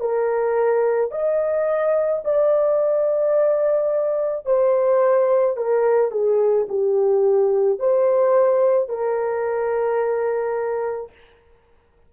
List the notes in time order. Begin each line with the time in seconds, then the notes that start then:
0.00 A#4
1.12 D#5
2.25 D5
4.46 C5
5.57 A#4
6.12 G#4
6.69 G4
7.79 C5
8.89 A#4